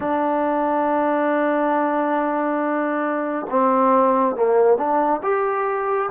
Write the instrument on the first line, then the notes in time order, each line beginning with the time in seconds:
trombone
0.00 D4
3.50 C4
4.35 A#3
4.77 D4
5.22 G4